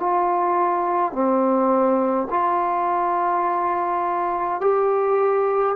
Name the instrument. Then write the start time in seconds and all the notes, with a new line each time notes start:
trombone
0.00 F4
1.13 C4
2.30 F4
4.61 G4